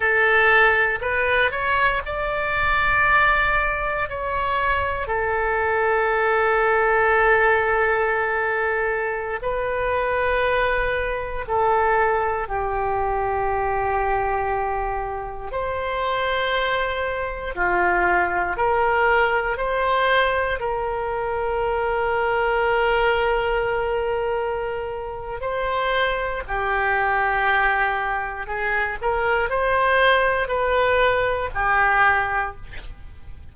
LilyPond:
\new Staff \with { instrumentName = "oboe" } { \time 4/4 \tempo 4 = 59 a'4 b'8 cis''8 d''2 | cis''4 a'2.~ | a'4~ a'16 b'2 a'8.~ | a'16 g'2. c''8.~ |
c''4~ c''16 f'4 ais'4 c''8.~ | c''16 ais'2.~ ais'8.~ | ais'4 c''4 g'2 | gis'8 ais'8 c''4 b'4 g'4 | }